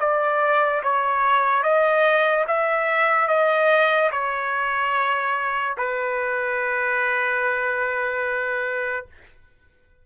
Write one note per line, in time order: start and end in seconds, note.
0.00 0.82 D5
0.83 1.63 C#5
1.63 2.45 D#5
2.48 3.28 E5
3.28 4.10 D#5
4.11 5.76 C#5
5.78 9.06 B4